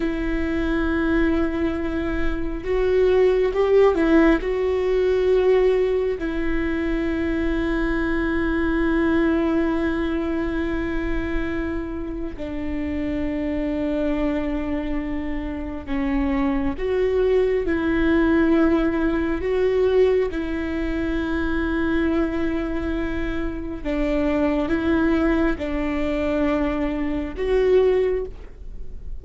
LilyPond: \new Staff \with { instrumentName = "viola" } { \time 4/4 \tempo 4 = 68 e'2. fis'4 | g'8 e'8 fis'2 e'4~ | e'1~ | e'2 d'2~ |
d'2 cis'4 fis'4 | e'2 fis'4 e'4~ | e'2. d'4 | e'4 d'2 fis'4 | }